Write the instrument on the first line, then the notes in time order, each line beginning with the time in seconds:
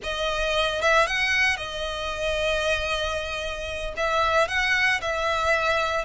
violin
0.03 D#5
0.81 E5
1.06 F#5
1.56 D#5
3.96 E5
4.48 F#5
5.01 E5